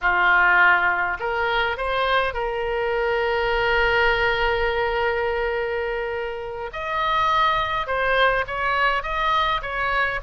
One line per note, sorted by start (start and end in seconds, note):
0.01 1.17 F4
1.19 1.77 A#4
1.77 2.33 C5
2.33 6.70 A#4
6.72 7.86 D#5
7.86 8.45 C5
8.47 9.03 C#5
9.03 9.61 D#5
9.61 10.20 C#5